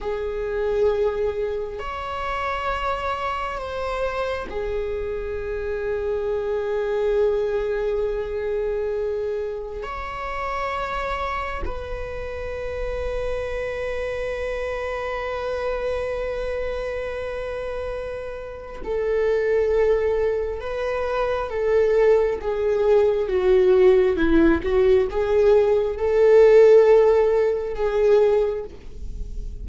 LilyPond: \new Staff \with { instrumentName = "viola" } { \time 4/4 \tempo 4 = 67 gis'2 cis''2 | c''4 gis'2.~ | gis'2. cis''4~ | cis''4 b'2.~ |
b'1~ | b'4 a'2 b'4 | a'4 gis'4 fis'4 e'8 fis'8 | gis'4 a'2 gis'4 | }